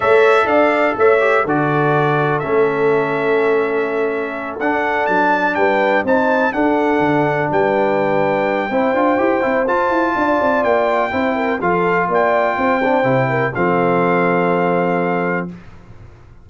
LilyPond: <<
  \new Staff \with { instrumentName = "trumpet" } { \time 4/4 \tempo 4 = 124 e''4 f''4 e''4 d''4~ | d''4 e''2.~ | e''4. fis''4 a''4 g''8~ | g''8 a''4 fis''2 g''8~ |
g''1 | a''2 g''2 | f''4 g''2. | f''1 | }
  \new Staff \with { instrumentName = "horn" } { \time 4/4 cis''4 d''4 cis''4 a'4~ | a'1~ | a'2.~ a'8 b'8~ | b'8 c''4 a'2 b'8~ |
b'2 c''2~ | c''4 d''2 c''8 ais'8 | a'4 d''4 c''4. ais'8 | a'1 | }
  \new Staff \with { instrumentName = "trombone" } { \time 4/4 a'2~ a'8 g'8 fis'4~ | fis'4 cis'2.~ | cis'4. d'2~ d'8~ | d'8 dis'4 d'2~ d'8~ |
d'2 e'8 f'8 g'8 e'8 | f'2. e'4 | f'2~ f'8 d'8 e'4 | c'1 | }
  \new Staff \with { instrumentName = "tuba" } { \time 4/4 a4 d'4 a4 d4~ | d4 a2.~ | a4. d'4 fis4 g8~ | g8 c'4 d'4 d4 g8~ |
g2 c'8 d'8 e'8 c'8 | f'8 e'8 d'8 c'8 ais4 c'4 | f4 ais4 c'4 c4 | f1 | }
>>